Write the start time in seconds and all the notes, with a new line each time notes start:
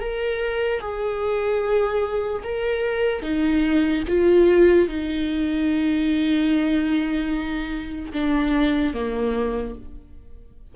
0.00 A#4
0.80 G#4
2.44 A#4
3.22 D#4
4.08 F4
4.88 D#4
8.13 D4
8.94 A#3